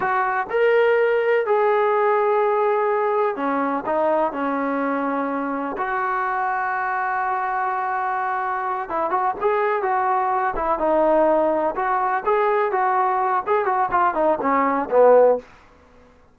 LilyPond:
\new Staff \with { instrumentName = "trombone" } { \time 4/4 \tempo 4 = 125 fis'4 ais'2 gis'4~ | gis'2. cis'4 | dis'4 cis'2. | fis'1~ |
fis'2~ fis'8 e'8 fis'8 gis'8~ | gis'8 fis'4. e'8 dis'4.~ | dis'8 fis'4 gis'4 fis'4. | gis'8 fis'8 f'8 dis'8 cis'4 b4 | }